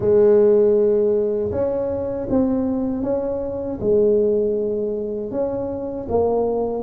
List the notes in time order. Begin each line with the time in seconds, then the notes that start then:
0.00 G#3
1.51 C#4
2.29 C4
3.02 C#4
3.80 G#3
5.31 C#4
6.09 A#3